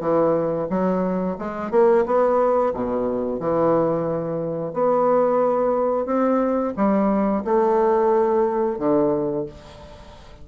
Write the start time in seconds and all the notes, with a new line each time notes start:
0.00 E3
0.69 F#3
1.38 G#3
1.71 A#3
2.05 B3
2.73 B2
3.40 E3
4.73 B3
6.06 C4
6.76 G3
7.44 A3
8.78 D3